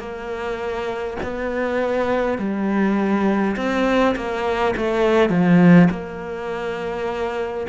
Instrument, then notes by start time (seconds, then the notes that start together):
cello
0.00 A#3
1.23 B3
2.39 G3
3.57 C4
4.16 A#3
4.76 A3
5.30 F3
5.91 A#3